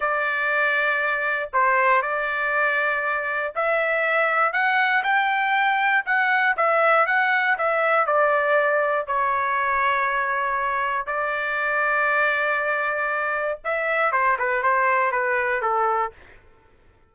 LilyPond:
\new Staff \with { instrumentName = "trumpet" } { \time 4/4 \tempo 4 = 119 d''2. c''4 | d''2. e''4~ | e''4 fis''4 g''2 | fis''4 e''4 fis''4 e''4 |
d''2 cis''2~ | cis''2 d''2~ | d''2. e''4 | c''8 b'8 c''4 b'4 a'4 | }